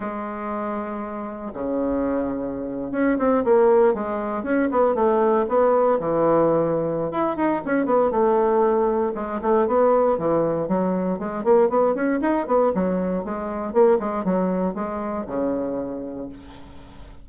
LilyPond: \new Staff \with { instrumentName = "bassoon" } { \time 4/4 \tempo 4 = 118 gis2. cis4~ | cis4.~ cis16 cis'8 c'8 ais4 gis16~ | gis8. cis'8 b8 a4 b4 e16~ | e2 e'8 dis'8 cis'8 b8 |
a2 gis8 a8 b4 | e4 fis4 gis8 ais8 b8 cis'8 | dis'8 b8 fis4 gis4 ais8 gis8 | fis4 gis4 cis2 | }